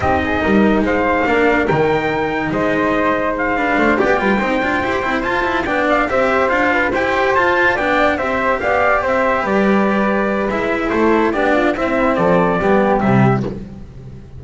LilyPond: <<
  \new Staff \with { instrumentName = "trumpet" } { \time 4/4 \tempo 4 = 143 dis''2 f''2 | g''2 dis''2 | f''4. g''2~ g''8~ | g''8 a''4 g''8 f''8 e''4 f''8~ |
f''8 g''4 a''4 g''4 e''8~ | e''8 f''4 e''4 d''4.~ | d''4 e''4 c''4 d''4 | e''4 d''2 e''4 | }
  \new Staff \with { instrumentName = "flute" } { \time 4/4 g'8 gis'8 ais'4 c''4 ais'4~ | ais'2 c''2~ | c''8 b'8 c''8 d''8 b'8 c''4.~ | c''4. d''4 c''4. |
b'8 c''2 d''4 c''8~ | c''8 d''4 c''4 b'4.~ | b'2 a'4 g'8 f'8 | e'4 a'4 g'2 | }
  \new Staff \with { instrumentName = "cello" } { \time 4/4 dis'2. d'4 | dis'1~ | dis'8 d'4 g'8 f'8 dis'8 f'8 g'8 | e'8 f'8 e'8 d'4 g'4 f'8~ |
f'8 g'4 f'4 d'4 g'8~ | g'1~ | g'4 e'2 d'4 | c'2 b4 g4 | }
  \new Staff \with { instrumentName = "double bass" } { \time 4/4 c'4 g4 gis4 ais4 | dis2 gis2~ | gis4 a8 b8 g8 c'8 d'8 e'8 | c'8 f'4 b4 c'4 d'8~ |
d'8 e'4 f'4 b4 c'8~ | c'8 b4 c'4 g4.~ | g4 gis4 a4 b4 | c'4 f4 g4 c4 | }
>>